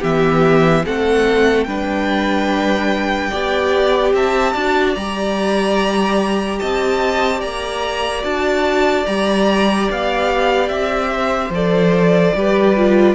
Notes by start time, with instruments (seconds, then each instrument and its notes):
0.00 cello E3, viola B3, violin G4 E5
0.85 cello A3, viola C4, violin A4 F#5
1.64 cello G3, viola D4, violin B4 G5
3.30 cello B3, viola G4, violin D5
4.13 cello C4, violin E5 A5
4.53 cello D4, viola F#4, violin D5
4.95 cello G3, viola G4, violin A#5
6.59 cello C4, violin D#5 A5
7.40 cello A#3, violin D5 A#5
8.22 cello D4, viola F#4, violin A5
9.06 cello G3, viola G4, violin A#5
9.91 cello B3, violin F5
10.68 cello C4, violin E5
11.12 violin C5
11.50 cello F3, viola A4, violin D5
12.35 cello G3, viola G4, violin B4
12.77 viola F4